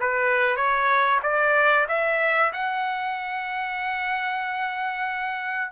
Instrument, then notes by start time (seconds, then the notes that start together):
trumpet
0.00 B4
0.56 C#5
1.23 D5
1.89 E5
2.53 F#5